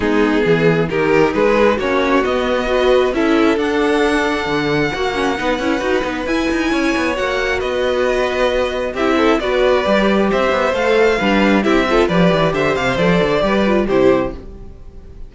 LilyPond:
<<
  \new Staff \with { instrumentName = "violin" } { \time 4/4 \tempo 4 = 134 gis'2 ais'4 b'4 | cis''4 dis''2 e''4 | fis''1~ | fis''2 gis''2 |
fis''4 dis''2. | e''4 d''2 e''4 | f''2 e''4 d''4 | e''8 f''8 d''2 c''4 | }
  \new Staff \with { instrumentName = "violin" } { \time 4/4 dis'4 gis'4 g'4 gis'4 | fis'2 b'4 a'4~ | a'2. fis'4 | b'2. cis''4~ |
cis''4 b'2. | g'8 a'8 b'2 c''4~ | c''4 b'4 g'8 a'8 b'4 | c''2 b'4 g'4 | }
  \new Staff \with { instrumentName = "viola" } { \time 4/4 b2 dis'2 | cis'4 b4 fis'4 e'4 | d'2. fis'8 cis'8 | dis'8 e'8 fis'8 dis'8 e'2 |
fis'1 | e'4 fis'4 g'2 | a'4 d'4 e'8 f'8 g'4~ | g'4 a'4 g'8 f'8 e'4 | }
  \new Staff \with { instrumentName = "cello" } { \time 4/4 gis4 e4 dis4 gis4 | ais4 b2 cis'4 | d'2 d4 ais4 | b8 cis'8 dis'8 b8 e'8 dis'8 cis'8 b8 |
ais4 b2. | c'4 b4 g4 c'8 b8 | a4 g4 c'4 f8 e8 | d8 c8 f8 d8 g4 c4 | }
>>